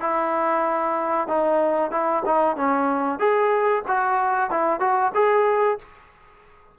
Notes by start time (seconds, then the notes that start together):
0.00 E4
1.27 D#4
1.91 E4
2.25 D#4
2.56 C#4
3.19 G#4
3.87 F#4
4.50 E4
4.80 F#4
5.14 G#4